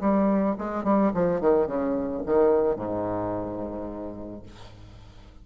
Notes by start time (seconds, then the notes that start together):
0.00 G3
0.58 G#3
0.84 G3
1.14 F3
1.41 D#3
1.67 C#3
2.26 D#3
2.76 G#2